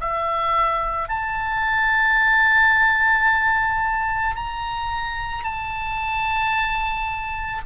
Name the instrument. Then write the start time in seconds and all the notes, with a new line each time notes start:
oboe
0.00 E5
1.09 A5
4.36 A#5
5.44 A5